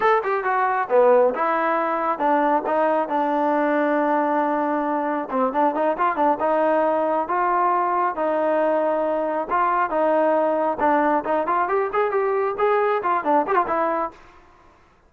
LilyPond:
\new Staff \with { instrumentName = "trombone" } { \time 4/4 \tempo 4 = 136 a'8 g'8 fis'4 b4 e'4~ | e'4 d'4 dis'4 d'4~ | d'1 | c'8 d'8 dis'8 f'8 d'8 dis'4.~ |
dis'8 f'2 dis'4.~ | dis'4. f'4 dis'4.~ | dis'8 d'4 dis'8 f'8 g'8 gis'8 g'8~ | g'8 gis'4 f'8 d'8 g'16 f'16 e'4 | }